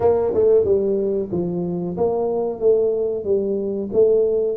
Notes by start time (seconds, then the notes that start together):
0.00 A#3
0.34 A3
0.64 G3
1.31 F3
1.97 A#3
2.59 A3
3.24 G3
3.92 A3